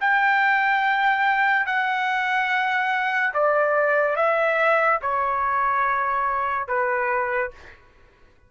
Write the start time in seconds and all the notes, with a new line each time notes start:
0.00 G5
1.66 F#5
3.33 D5
4.16 E5
5.01 C#5
6.67 B4